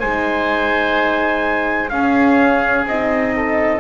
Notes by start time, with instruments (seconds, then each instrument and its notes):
0.00 double bass G#3, horn D#4, oboe C5, trumpet G#5
1.89 horn C#4, double bass C#4, oboe G#4, trumpet F5
2.86 double bass C4, horn D#4, trumpet D#5
3.36 oboe A4